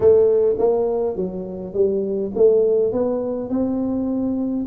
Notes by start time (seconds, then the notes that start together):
0.00 A3
0.58 A#3
1.15 F#3
1.73 G3
2.35 A3
2.92 B3
3.50 C4